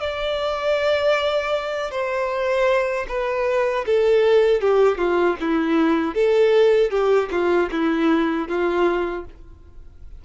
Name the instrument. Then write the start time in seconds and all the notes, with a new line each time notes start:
violin
0.00 D5
1.91 C5
3.08 B4
3.86 A4
4.61 G4
4.98 F4
5.40 E4
6.14 A4
6.91 G4
7.31 F4
7.71 E4
8.48 F4